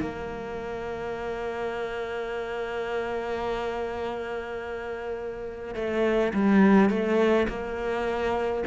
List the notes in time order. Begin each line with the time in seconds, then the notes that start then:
0.00 A#3
5.75 A3
6.34 G3
6.90 A3
7.48 A#3